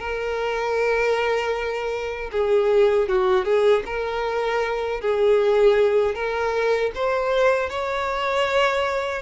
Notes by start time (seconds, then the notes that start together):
0.00 A#4
2.32 G#4
3.09 F#4
3.45 G#4
3.86 A#4
5.01 G#4
6.15 A#4
6.95 C5
7.70 C#5